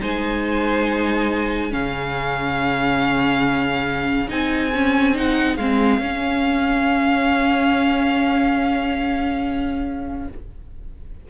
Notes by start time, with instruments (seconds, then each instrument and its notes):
0.00 cello G#3, viola D#4, violin C5 G#5
1.71 cello C#3, viola C#4, violin G#4 F5
4.28 cello C4, viola D#4, violin G#5
4.75 viola C#4
5.14 viola D#4, violin F#5
5.57 cello G#3, viola C4, violin F5
5.99 cello C#4, viola C#4